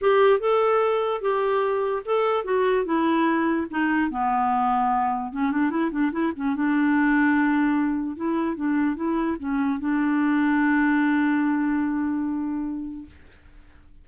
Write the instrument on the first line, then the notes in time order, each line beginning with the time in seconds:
clarinet
0.01 G4
0.39 A4
1.21 G4
2.05 A4
2.44 F#4
2.85 E4
3.70 D#4
4.10 B3
5.32 C#4
5.51 D4
5.70 E4
5.91 D4
6.12 E4
6.36 C#4
6.55 D4
8.16 E4
8.56 D4
8.95 E4
9.39 C#4
9.79 D4